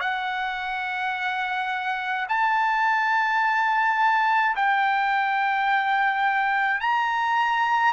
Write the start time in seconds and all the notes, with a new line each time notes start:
0.00 F#5
2.28 A5
4.55 G5
6.80 A#5